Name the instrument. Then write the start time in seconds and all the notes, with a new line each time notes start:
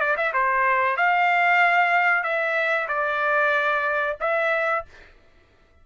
trumpet
0.00 D5
0.17 E5
0.33 C5
0.97 F5
2.23 E5
2.88 D5
4.21 E5